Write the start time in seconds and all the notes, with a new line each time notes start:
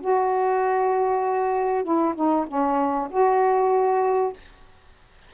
0.00 F#4
1.83 E4
2.15 D#4
2.47 C#4
3.10 F#4